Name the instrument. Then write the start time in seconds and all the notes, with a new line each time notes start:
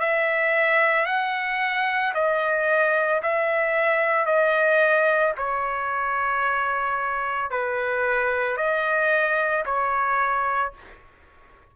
trumpet
0.00 E5
1.06 F#5
2.14 D#5
3.22 E5
4.26 D#5
5.37 C#5
7.50 B4
8.57 D#5
9.65 C#5